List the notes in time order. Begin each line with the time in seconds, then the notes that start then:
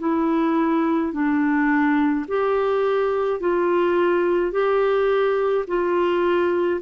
0.00 E4
1.13 D4
2.28 G4
3.41 F4
4.52 G4
5.68 F4